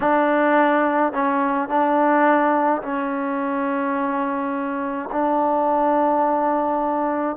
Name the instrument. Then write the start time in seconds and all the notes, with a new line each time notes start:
trombone
0.00 D4
1.12 C#4
1.68 D4
2.82 C#4
5.12 D4